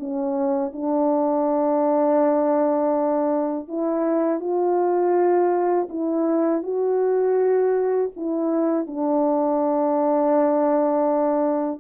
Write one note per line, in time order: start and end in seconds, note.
0.00 0.72 C#4
0.72 3.68 D4
3.68 4.40 E4
4.40 5.88 F4
5.90 6.63 E4
6.63 8.11 F#4
8.16 8.87 E4
8.87 11.80 D4